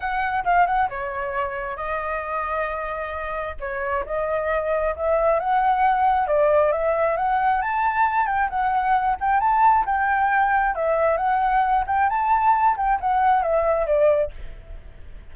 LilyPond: \new Staff \with { instrumentName = "flute" } { \time 4/4 \tempo 4 = 134 fis''4 f''8 fis''8 cis''2 | dis''1 | cis''4 dis''2 e''4 | fis''2 d''4 e''4 |
fis''4 a''4. g''8 fis''4~ | fis''8 g''8 a''4 g''2 | e''4 fis''4. g''8 a''4~ | a''8 g''8 fis''4 e''4 d''4 | }